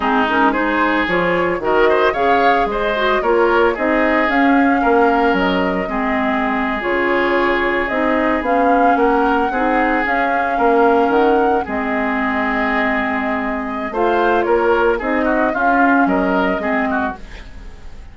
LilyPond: <<
  \new Staff \with { instrumentName = "flute" } { \time 4/4 \tempo 4 = 112 gis'8 ais'8 c''4 cis''4 dis''4 | f''4 dis''4 cis''4 dis''4 | f''2 dis''2~ | dis''8. cis''2 dis''4 f''16~ |
f''8. fis''2 f''4~ f''16~ | f''8. fis''4 dis''2~ dis''16~ | dis''2 f''4 cis''4 | dis''4 f''4 dis''2 | }
  \new Staff \with { instrumentName = "oboe" } { \time 4/4 dis'4 gis'2 ais'8 c''8 | cis''4 c''4 ais'4 gis'4~ | gis'4 ais'2 gis'4~ | gis'1~ |
gis'8. ais'4 gis'2 ais'16~ | ais'4.~ ais'16 gis'2~ gis'16~ | gis'2 c''4 ais'4 | gis'8 fis'8 f'4 ais'4 gis'8 fis'8 | }
  \new Staff \with { instrumentName = "clarinet" } { \time 4/4 c'8 cis'8 dis'4 f'4 fis'4 | gis'4. fis'8 f'4 dis'4 | cis'2. c'4~ | c'8. f'2 dis'4 cis'16~ |
cis'4.~ cis'16 dis'4 cis'4~ cis'16~ | cis'4.~ cis'16 c'2~ c'16~ | c'2 f'2 | dis'4 cis'2 c'4 | }
  \new Staff \with { instrumentName = "bassoon" } { \time 4/4 gis2 f4 dis4 | cis4 gis4 ais4 c'4 | cis'4 ais4 fis4 gis4~ | gis8. cis2 c'4 b16~ |
b8. ais4 c'4 cis'4 ais16~ | ais8. dis4 gis2~ gis16~ | gis2 a4 ais4 | c'4 cis'4 fis4 gis4 | }
>>